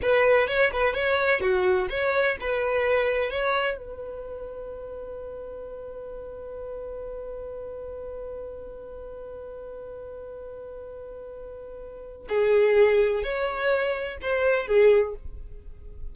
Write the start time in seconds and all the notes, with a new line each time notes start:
0.02 B4
0.47 C#5
0.72 B4
0.94 C#5
1.40 F#4
1.89 C#5
2.40 B4
3.30 C#5
3.77 B4
12.28 G#4
13.23 C#5
14.21 C5
14.67 G#4